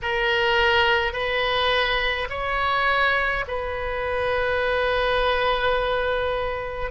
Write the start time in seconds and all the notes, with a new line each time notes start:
0.02 A#4
1.12 B4
2.29 C#5
3.47 B4